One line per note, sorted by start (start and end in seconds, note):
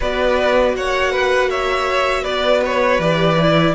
0.00 0.74 B3
0.00 3.00 F#4
0.00 0.75 B4
0.00 0.75 D5
0.74 2.24 A#3
0.74 1.11 C#5
0.74 1.50 F#5
1.11 1.49 B4
1.50 2.22 C#5
1.50 2.24 E5
2.22 2.98 B3
2.22 3.72 B4
2.22 2.61 D5
2.65 3.00 C#5
2.98 3.73 E3
2.98 3.38 G4
2.98 3.74 D5
3.39 3.74 E4